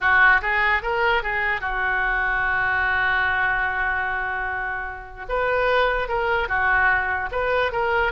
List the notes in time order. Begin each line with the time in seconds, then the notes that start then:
0.00 F#4
0.41 G#4
0.82 A#4
1.22 G#4
1.61 F#4
5.29 B4
6.08 A#4
6.48 F#4
7.31 B4
7.71 A#4